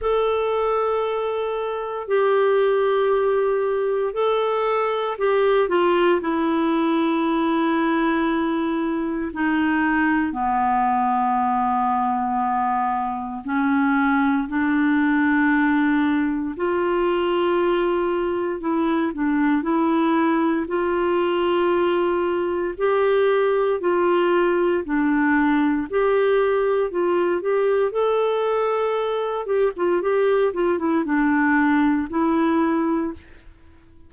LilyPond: \new Staff \with { instrumentName = "clarinet" } { \time 4/4 \tempo 4 = 58 a'2 g'2 | a'4 g'8 f'8 e'2~ | e'4 dis'4 b2~ | b4 cis'4 d'2 |
f'2 e'8 d'8 e'4 | f'2 g'4 f'4 | d'4 g'4 f'8 g'8 a'4~ | a'8 g'16 f'16 g'8 f'16 e'16 d'4 e'4 | }